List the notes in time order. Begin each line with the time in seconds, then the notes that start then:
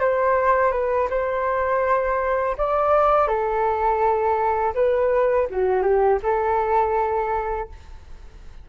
0.00 C5
0.72 B4
1.10 C5
2.58 D5
3.28 A4
4.75 B4
5.50 F#4
5.83 G4
6.23 A4